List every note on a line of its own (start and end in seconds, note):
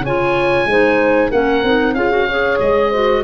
0.00 0.65 C#3
0.00 0.69 F4
0.00 0.67 C#5
0.00 1.31 G#5
0.65 1.30 G#3
0.65 1.32 D#4
0.65 1.30 C5
1.30 1.63 A#3
1.30 1.64 C#4
1.30 1.95 A#4
1.30 1.94 F#5
1.63 1.93 C4
1.63 1.96 D#4
1.93 2.58 C#4
1.93 2.10 F4
1.93 2.26 G#4
1.93 2.58 F5
2.10 2.27 F#4
2.26 2.93 G#4
2.26 2.90 C#5
2.59 3.24 G#3
2.59 3.24 D#5
2.90 3.24 F#4
2.90 3.22 C5